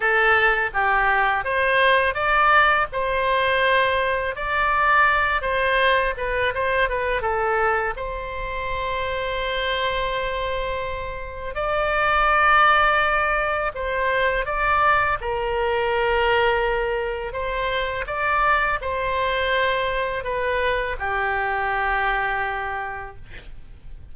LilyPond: \new Staff \with { instrumentName = "oboe" } { \time 4/4 \tempo 4 = 83 a'4 g'4 c''4 d''4 | c''2 d''4. c''8~ | c''8 b'8 c''8 b'8 a'4 c''4~ | c''1 |
d''2. c''4 | d''4 ais'2. | c''4 d''4 c''2 | b'4 g'2. | }